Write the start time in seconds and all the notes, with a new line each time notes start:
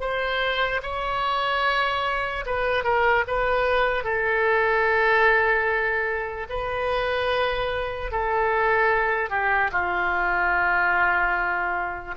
0.00 C5
0.83 C#5
2.46 B4
2.83 A#4
3.27 B4
4.04 A4
6.49 B4
8.11 A4
9.30 G4
9.71 F4